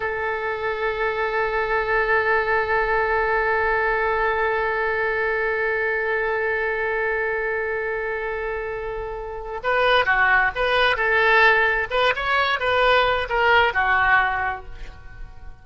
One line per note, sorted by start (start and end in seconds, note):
0.00 9.60 A4
9.63 10.05 B4
10.05 10.51 F#4
10.55 10.96 B4
10.96 11.88 A4
11.90 12.13 B4
12.15 12.59 C#5
12.59 13.28 B4
13.29 13.73 A#4
13.73 14.65 F#4